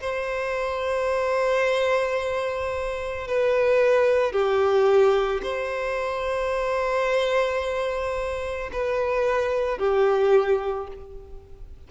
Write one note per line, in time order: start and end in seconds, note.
0.00 3.27 C5
3.27 4.32 B4
4.32 5.41 G4
5.42 8.70 C5
8.72 9.78 B4
9.78 10.87 G4